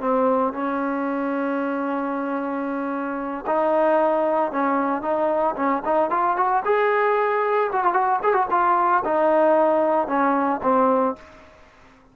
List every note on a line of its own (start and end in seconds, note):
0.00 0.53 C4
0.53 3.45 C#4
3.46 4.52 D#4
4.52 5.01 C#4
5.01 5.54 D#4
5.55 5.82 C#4
5.85 6.10 D#4
6.10 6.36 F4
6.36 6.63 F#4
6.64 7.71 G#4
7.72 7.84 F#4
7.84 7.93 F4
7.93 8.19 F#4
8.23 8.33 G#4
8.33 8.46 F#4
8.50 9.03 F4
9.04 10.07 D#4
10.07 10.60 C#4
10.62 11.15 C4